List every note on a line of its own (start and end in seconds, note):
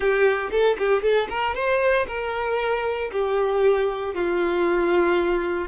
0.00 0.50 G4
0.51 0.76 A4
0.78 1.02 G4
1.02 1.28 A4
1.29 1.54 A#4
1.54 2.06 C5
2.07 3.10 A#4
3.12 4.14 G4
4.14 5.68 F4